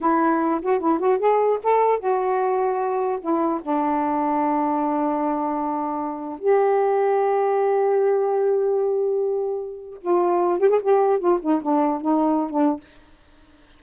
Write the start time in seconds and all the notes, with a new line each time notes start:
0.00 E4
0.61 F#4
0.79 E4
0.99 F#4
1.18 G#4
1.63 A4
1.99 F#4
3.20 E4
3.61 D4
6.38 G4
10.01 F4
10.59 G4
10.69 G#4
10.81 G4
11.19 F4
11.41 D#4
11.61 D4
12.01 D#4
12.49 D4